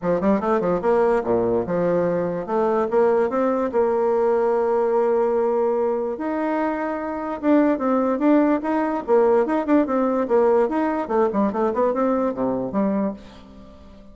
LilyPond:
\new Staff \with { instrumentName = "bassoon" } { \time 4/4 \tempo 4 = 146 f8 g8 a8 f8 ais4 ais,4 | f2 a4 ais4 | c'4 ais2.~ | ais2. dis'4~ |
dis'2 d'4 c'4 | d'4 dis'4 ais4 dis'8 d'8 | c'4 ais4 dis'4 a8 g8 | a8 b8 c'4 c4 g4 | }